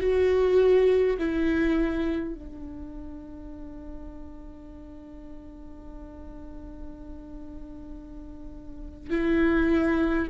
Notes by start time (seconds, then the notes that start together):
0.00 F#4
1.18 E4
2.34 D4
9.10 E4